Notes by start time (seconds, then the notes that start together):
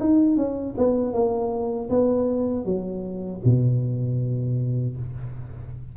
0.00 D#4
0.37 C#4
0.78 B3
1.13 A#3
1.90 B3
2.65 F#3
3.45 B2